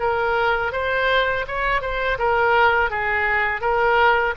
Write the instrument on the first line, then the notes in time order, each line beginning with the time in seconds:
oboe
0.00 A#4
0.73 C5
1.48 C#5
1.82 C5
2.19 A#4
2.91 G#4
3.61 A#4